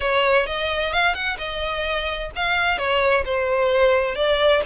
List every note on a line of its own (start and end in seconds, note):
0.00 0.46 C#5
0.46 0.92 D#5
0.92 1.14 F5
1.14 1.37 F#5
1.38 2.30 D#5
2.35 2.78 F5
2.78 3.24 C#5
3.25 4.15 C5
4.15 4.61 D5